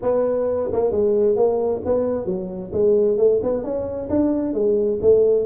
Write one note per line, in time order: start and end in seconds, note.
0.01 0.70 B3
0.72 0.91 A#3
0.91 1.35 G#3
1.35 1.81 A#3
1.85 2.25 B3
2.25 2.71 F#3
2.73 3.17 G#3
3.17 3.40 A3
3.43 3.63 B3
3.63 4.08 C#4
4.09 4.53 D4
4.53 4.99 G#3
5.01 5.45 A3